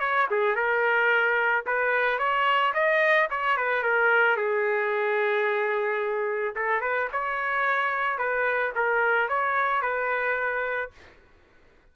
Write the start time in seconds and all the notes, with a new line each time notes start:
0.00 C#5
0.31 G#4
0.55 A#4
1.66 B4
2.19 C#5
2.74 D#5
3.30 C#5
3.57 B4
3.83 A#4
4.37 G#4
6.55 A4
6.81 B4
7.12 C#5
8.18 B4
8.76 A#4
9.29 C#5
9.82 B4